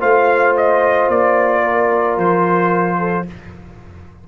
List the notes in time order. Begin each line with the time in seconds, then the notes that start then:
0.00 A3 F4 C5 F5
0.57 D#5
1.09 A#3 D5
1.64 A#4
2.18 F3 C5
2.99 A4